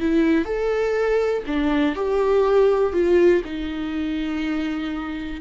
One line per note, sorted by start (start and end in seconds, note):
0.00 0.45 E4
0.45 1.43 A4
1.46 1.95 D4
1.95 2.93 G4
2.93 3.42 F4
3.44 5.41 D#4